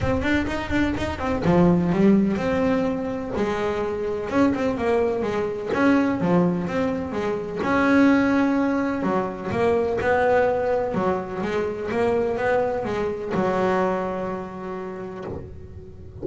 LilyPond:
\new Staff \with { instrumentName = "double bass" } { \time 4/4 \tempo 4 = 126 c'8 d'8 dis'8 d'8 dis'8 c'8 f4 | g4 c'2 gis4~ | gis4 cis'8 c'8 ais4 gis4 | cis'4 f4 c'4 gis4 |
cis'2. fis4 | ais4 b2 fis4 | gis4 ais4 b4 gis4 | fis1 | }